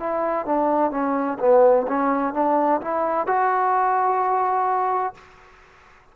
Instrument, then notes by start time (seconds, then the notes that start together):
trombone
0.00 E4
0.46 D4
0.91 C#4
1.40 B3
1.88 C#4
2.34 D4
2.82 E4
3.27 F#4